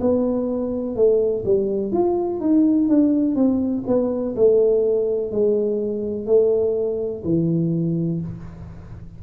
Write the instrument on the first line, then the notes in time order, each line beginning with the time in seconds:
tuba
0.00 B3
0.96 A3
1.45 G3
1.92 F4
2.40 D#4
2.89 D4
3.36 C4
3.87 B3
4.36 A3
5.31 G#3
6.26 A3
7.24 E3